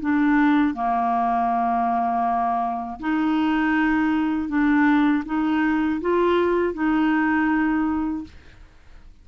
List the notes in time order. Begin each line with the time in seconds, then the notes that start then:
0.00 D4
0.74 A#3
3.00 D#4
4.48 D4
5.25 D#4
6.00 F4
6.74 D#4